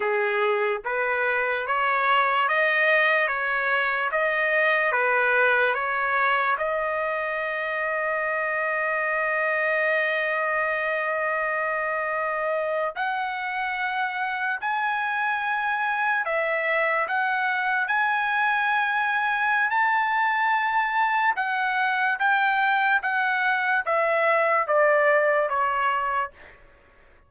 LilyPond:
\new Staff \with { instrumentName = "trumpet" } { \time 4/4 \tempo 4 = 73 gis'4 b'4 cis''4 dis''4 | cis''4 dis''4 b'4 cis''4 | dis''1~ | dis''2.~ dis''8. fis''16~ |
fis''4.~ fis''16 gis''2 e''16~ | e''8. fis''4 gis''2~ gis''16 | a''2 fis''4 g''4 | fis''4 e''4 d''4 cis''4 | }